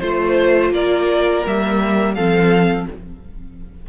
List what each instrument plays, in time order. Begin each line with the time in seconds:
0.00 cello A3, viola F4, violin C5
0.71 cello A#3, violin A#4 D5
1.45 cello G3, viola A#3, violin E5
2.15 cello F3, viola C4, violin A4 F5